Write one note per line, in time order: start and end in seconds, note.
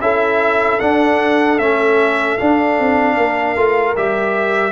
0.00 0.79 C#4
0.00 0.80 E4
0.00 3.17 A4
0.00 0.80 E5
0.80 1.59 D4
0.80 1.60 D4
0.80 1.59 F#5
1.59 2.39 A3
1.59 2.39 C#4
1.59 2.38 E5
2.38 3.57 D4
2.38 2.79 D4
2.38 3.96 F5
2.79 3.17 C4
3.17 3.56 A#3
3.17 4.72 A#4
3.56 3.96 A3
3.56 3.96 F4
3.96 4.72 G3
3.96 4.72 G4
3.96 4.72 E5